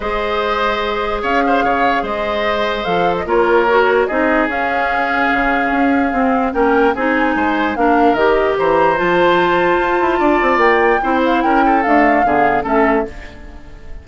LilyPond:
<<
  \new Staff \with { instrumentName = "flute" } { \time 4/4 \tempo 4 = 147 dis''2. f''4~ | f''4 dis''2 f''8. dis''16 | cis''2 dis''4 f''4~ | f''1 |
g''4 gis''2 f''4 | dis''4 ais''4 a''2~ | a''2 g''4. f''8 | g''4 f''2 e''4 | }
  \new Staff \with { instrumentName = "oboe" } { \time 4/4 c''2. cis''8 c''8 | cis''4 c''2. | ais'2 gis'2~ | gis'1 |
ais'4 gis'4 c''4 ais'4~ | ais'4 c''2.~ | c''4 d''2 c''4 | ais'8 a'4. gis'4 a'4 | }
  \new Staff \with { instrumentName = "clarinet" } { \time 4/4 gis'1~ | gis'2. a'4 | f'4 fis'4 dis'4 cis'4~ | cis'2. c'4 |
cis'4 dis'2 d'4 | g'2 f'2~ | f'2. e'4~ | e'4 a4 b4 cis'4 | }
  \new Staff \with { instrumentName = "bassoon" } { \time 4/4 gis2. cis'4 | cis4 gis2 f4 | ais2 c'4 cis'4~ | cis'4 cis4 cis'4 c'4 |
ais4 c'4 gis4 ais4 | dis4 e4 f2 | f'8 e'8 d'8 c'8 ais4 c'4 | cis'4 d'4 d4 a4 | }
>>